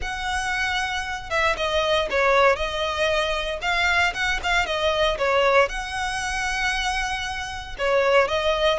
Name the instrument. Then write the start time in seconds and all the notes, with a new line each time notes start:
violin
0.01 F#5
1.30 E5
1.56 D#5
2.10 C#5
2.56 D#5
3.61 F5
4.14 F#5
4.43 F5
4.66 D#5
5.18 C#5
5.68 F#5
7.78 C#5
8.28 D#5